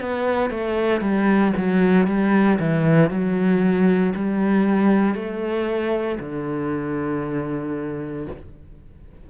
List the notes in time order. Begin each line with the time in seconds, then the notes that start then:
0.00 B3
0.50 A3
1.01 G3
1.57 F#3
2.07 G3
2.59 E3
3.10 F#3
4.15 G3
5.15 A3
6.20 D3